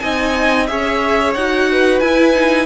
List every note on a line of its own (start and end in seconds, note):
0.00 0.70 C4
0.00 0.68 D#4
0.00 0.70 D#5
0.00 0.67 G#5
0.67 1.35 C#4
0.67 1.35 G#4
0.67 1.72 C#5
0.67 1.34 E5
1.34 2.01 D#4
1.34 2.02 F#4
1.34 2.00 F#5
1.72 2.66 B4
2.00 2.66 E4
2.00 2.34 E4
2.00 2.66 G#5
2.34 2.66 D#4